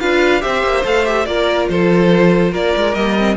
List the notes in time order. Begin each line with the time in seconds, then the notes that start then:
0.00 D4 F4 B4 F5
0.41 C4 G4 C5 E5
0.64 A#3
0.85 A3 A4 F5
1.06 G4 E5
1.26 A#3 F4 A#4 D5
1.70 F3 A4 C5
2.52 A#3 A#4 D5
2.77 G#3
2.95 G3 A#3 D#5
3.18 C4